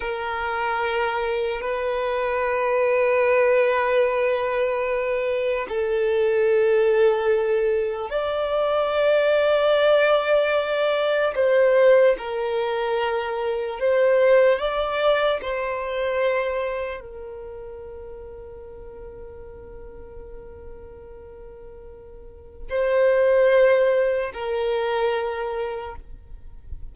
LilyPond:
\new Staff \with { instrumentName = "violin" } { \time 4/4 \tempo 4 = 74 ais'2 b'2~ | b'2. a'4~ | a'2 d''2~ | d''2 c''4 ais'4~ |
ais'4 c''4 d''4 c''4~ | c''4 ais'2.~ | ais'1 | c''2 ais'2 | }